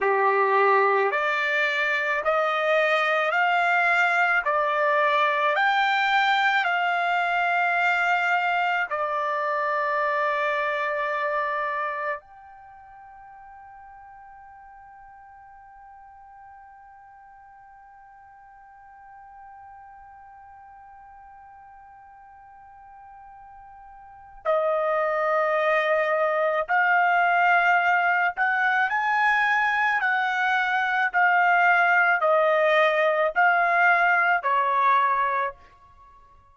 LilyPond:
\new Staff \with { instrumentName = "trumpet" } { \time 4/4 \tempo 4 = 54 g'4 d''4 dis''4 f''4 | d''4 g''4 f''2 | d''2. g''4~ | g''1~ |
g''1~ | g''2 dis''2 | f''4. fis''8 gis''4 fis''4 | f''4 dis''4 f''4 cis''4 | }